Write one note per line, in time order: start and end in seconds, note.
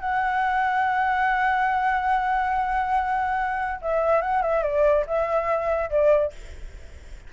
0.00 3.80 F#5
3.81 4.21 E5
4.21 4.42 F#5
4.42 4.63 E5
4.63 5.05 D5
5.07 5.90 E5
5.90 6.32 D5